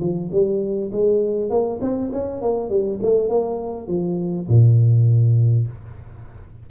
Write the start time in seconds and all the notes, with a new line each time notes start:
0.00 F3
0.32 G3
0.92 G#3
1.50 A#3
1.81 C4
2.13 C#4
2.42 A#3
2.70 G3
3.03 A3
3.29 A#3
3.88 F3
4.49 A#2